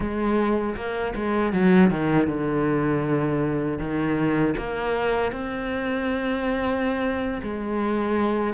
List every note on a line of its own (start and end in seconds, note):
0.00 0.75 G#3
0.76 1.14 A#3
1.15 1.52 G#3
1.52 1.90 F#3
1.90 2.27 D#3
2.27 3.78 D3
3.78 4.54 D#3
4.57 5.32 A#3
5.32 7.41 C4
7.42 8.54 G#3